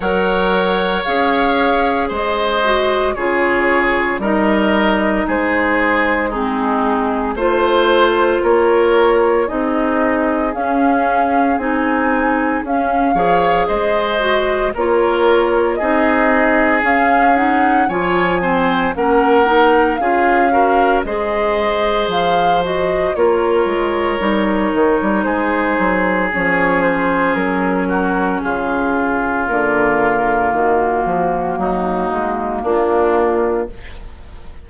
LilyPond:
<<
  \new Staff \with { instrumentName = "flute" } { \time 4/4 \tempo 4 = 57 fis''4 f''4 dis''4 cis''4 | dis''4 c''4 gis'4 c''4 | cis''4 dis''4 f''4 gis''4 | f''4 dis''4 cis''4 dis''4 |
f''8 fis''8 gis''4 fis''4 f''4 | dis''4 f''8 dis''8 cis''2 | c''4 cis''8 c''8 ais'4 gis'4 | ais'4 fis'2 f'4 | }
  \new Staff \with { instrumentName = "oboe" } { \time 4/4 cis''2 c''4 gis'4 | ais'4 gis'4 dis'4 c''4 | ais'4 gis'2.~ | gis'8 cis''8 c''4 ais'4 gis'4~ |
gis'4 cis''8 c''8 ais'4 gis'8 ais'8 | c''2 ais'2 | gis'2~ gis'8 fis'8 f'4~ | f'2 dis'4 d'4 | }
  \new Staff \with { instrumentName = "clarinet" } { \time 4/4 ais'4 gis'4. fis'8 f'4 | dis'2 c'4 f'4~ | f'4 dis'4 cis'4 dis'4 | cis'8 gis'4 fis'8 f'4 dis'4 |
cis'8 dis'8 f'8 c'8 cis'8 dis'8 f'8 fis'8 | gis'4. fis'8 f'4 dis'4~ | dis'4 cis'2. | ais1 | }
  \new Staff \with { instrumentName = "bassoon" } { \time 4/4 fis4 cis'4 gis4 cis4 | g4 gis2 a4 | ais4 c'4 cis'4 c'4 | cis'8 f8 gis4 ais4 c'4 |
cis'4 f4 ais4 cis'4 | gis4 f4 ais8 gis8 g8 dis16 g16 | gis8 fis8 f4 fis4 cis4 | d4 dis8 f8 fis8 gis8 ais4 | }
>>